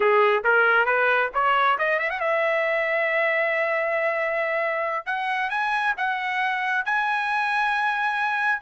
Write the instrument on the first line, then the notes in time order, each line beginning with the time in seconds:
trumpet
0.00 G#4
0.44 A#4
0.85 B4
1.34 C#5
1.78 D#5
1.99 E5
2.10 F#5
2.20 E5
5.06 F#5
5.50 G#5
5.97 F#5
6.85 G#5